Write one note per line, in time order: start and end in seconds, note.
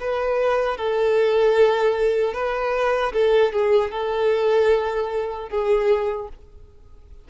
0.00 0.77 B4
0.77 2.34 A4
2.34 3.13 B4
3.13 3.52 A4
3.52 3.91 G#4
3.91 5.49 A4
5.49 6.28 G#4